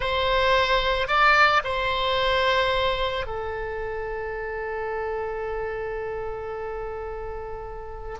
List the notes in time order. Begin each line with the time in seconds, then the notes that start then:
0.00 C5
1.07 D5
1.64 C5
3.26 A4